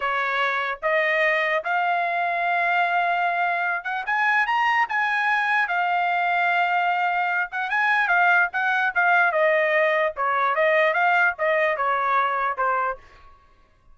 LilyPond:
\new Staff \with { instrumentName = "trumpet" } { \time 4/4 \tempo 4 = 148 cis''2 dis''2 | f''1~ | f''4. fis''8 gis''4 ais''4 | gis''2 f''2~ |
f''2~ f''8 fis''8 gis''4 | f''4 fis''4 f''4 dis''4~ | dis''4 cis''4 dis''4 f''4 | dis''4 cis''2 c''4 | }